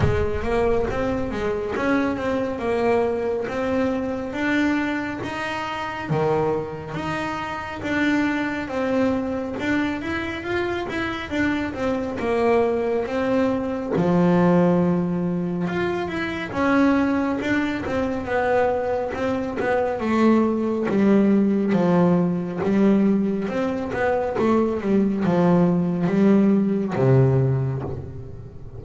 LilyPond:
\new Staff \with { instrumentName = "double bass" } { \time 4/4 \tempo 4 = 69 gis8 ais8 c'8 gis8 cis'8 c'8 ais4 | c'4 d'4 dis'4 dis4 | dis'4 d'4 c'4 d'8 e'8 | f'8 e'8 d'8 c'8 ais4 c'4 |
f2 f'8 e'8 cis'4 | d'8 c'8 b4 c'8 b8 a4 | g4 f4 g4 c'8 b8 | a8 g8 f4 g4 c4 | }